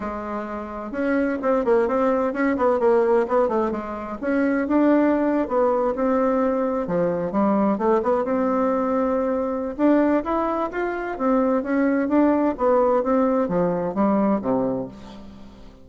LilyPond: \new Staff \with { instrumentName = "bassoon" } { \time 4/4 \tempo 4 = 129 gis2 cis'4 c'8 ais8 | c'4 cis'8 b8 ais4 b8 a8 | gis4 cis'4 d'4.~ d'16 b16~ | b8. c'2 f4 g16~ |
g8. a8 b8 c'2~ c'16~ | c'4 d'4 e'4 f'4 | c'4 cis'4 d'4 b4 | c'4 f4 g4 c4 | }